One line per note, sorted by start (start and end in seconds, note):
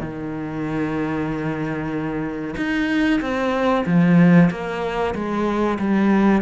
0.00 2.55 D#3
2.57 3.21 D#4
3.21 3.85 C4
3.86 4.50 F3
4.51 5.15 A#3
5.15 5.79 G#3
5.79 6.42 G3